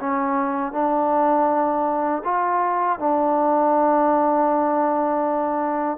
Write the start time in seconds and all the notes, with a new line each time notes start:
0.00 C#4
0.73 D4
2.25 F4
3.00 D4